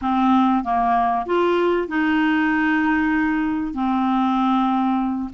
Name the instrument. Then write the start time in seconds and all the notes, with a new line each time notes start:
clarinet
0.01 C4
0.63 A#3
1.26 F4
1.88 D#4
3.73 C4